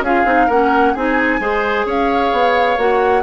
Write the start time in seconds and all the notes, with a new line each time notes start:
0.00 C#4 F4 G#4 F5
0.24 C4 D#4
0.46 A#3 C#4 A#4 F#5
0.94 C4 D#4 G#4 G#5
1.40 G#3 G#4 C5
1.85 C#4 C#5 F5
2.32 B3
2.77 A#3 F#4 F#5